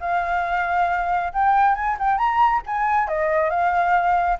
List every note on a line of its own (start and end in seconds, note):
0.00 1.32 F5
1.33 1.75 G5
1.75 1.97 G#5
1.99 2.18 G5
2.18 2.62 A#5
2.66 3.08 G#5
3.08 3.50 D#5
3.50 4.38 F5